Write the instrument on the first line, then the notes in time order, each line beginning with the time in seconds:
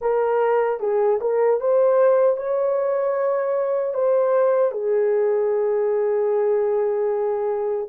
horn
0.01 A#4
0.80 G#4
1.21 A#4
1.60 C5
2.36 C#5
3.94 C5
4.72 G#4